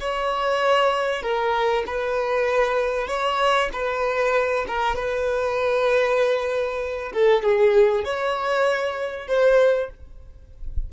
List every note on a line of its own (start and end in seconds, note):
0.00 1.23 C#5
1.23 1.84 A#4
1.87 3.08 B4
3.08 3.70 C#5
3.73 4.66 B4
4.68 4.96 A#4
4.96 7.12 B4
7.13 7.43 A4
7.43 8.05 G#4
8.05 9.28 C#5
9.28 9.90 C5